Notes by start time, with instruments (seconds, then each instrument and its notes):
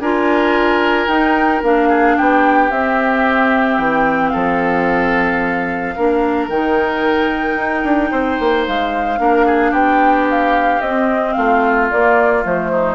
0.00 bassoon D4, clarinet F4, oboe A#4, flute G#5
1.08 bassoon D#4, clarinet D#4, flute G5
1.63 bassoon A#3, clarinet D4, flute F5
1.89 oboe G#4
2.18 bassoon B3, oboe G4, flute G5
2.71 bassoon C4, clarinet C4, flute E5
3.78 bassoon E3, flute G5
4.30 bassoon F3, oboe A4, flute F5
5.97 bassoon A#3, clarinet D4, oboe A#4
6.50 bassoon D#3, clarinet D#4, flute G5
7.57 bassoon D#4
7.84 bassoon D4
8.11 bassoon C4, oboe C5
8.40 bassoon A#3
8.67 bassoon G#3, flute F5
9.18 bassoon A#3, clarinet D4, oboe A#4
9.46 oboe G#4
9.72 bassoon B3, oboe G4, flute G5
10.30 flute F5
10.81 bassoon C4, clarinet C4, flute D#5
11.33 bassoon A3, oboe F4, flute F5
11.91 clarinet A#3, bassoon A#3, flute D5
12.43 bassoon F3, clarinet A3, flute C5
12.72 oboe D#4